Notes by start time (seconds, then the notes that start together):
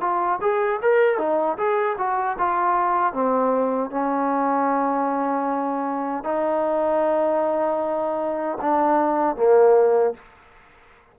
0.00 F4
0.41 G#4
0.82 A#4
1.18 D#4
1.57 G#4
1.97 F#4
2.38 F4
3.13 C4
3.90 C#4
6.24 D#4
8.61 D4
9.36 A#3